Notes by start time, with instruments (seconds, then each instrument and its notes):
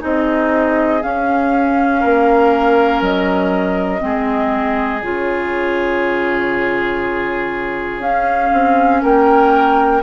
0.00 bassoon C4, clarinet D#4, oboe G#4, flute D#5
1.02 clarinet C#4, bassoon C#4, flute F5
2.00 bassoon A#3, oboe A#4
3.01 bassoon F#3, flute D#5
4.00 bassoon G#3, clarinet C4, oboe G#4
5.03 bassoon C#3, clarinet F4, flute C#5
7.99 bassoon C#4, clarinet C#4, flute F5
8.53 bassoon C4
9.02 bassoon A#3, oboe A#4, flute G5